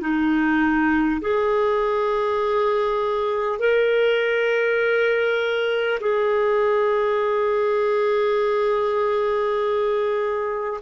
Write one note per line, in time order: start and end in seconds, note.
0.00 1.20 D#4
1.21 3.59 G#4
3.59 5.99 A#4
6.00 10.80 G#4